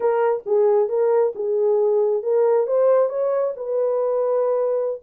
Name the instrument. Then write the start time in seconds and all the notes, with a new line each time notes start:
horn
0.00 A#4
0.45 G#4
0.88 A#4
1.35 G#4
2.23 A#4
2.66 C5
3.09 C#5
3.56 B4